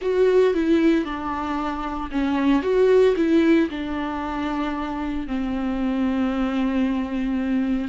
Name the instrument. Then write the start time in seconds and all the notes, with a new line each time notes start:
viola
0.01 F#4
0.54 E4
1.04 D4
2.11 C#4
2.62 F#4
3.16 E4
3.70 D4
5.27 C4